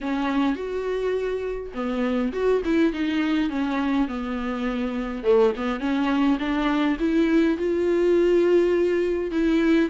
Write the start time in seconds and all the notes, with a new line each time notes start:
0.00 C#4
0.55 F#4
1.74 B3
2.32 F#4
2.65 E4
2.93 D#4
3.49 C#4
4.08 B3
5.23 A3
5.56 B3
5.80 C#4
6.39 D4
6.99 E4
7.57 F4
9.31 E4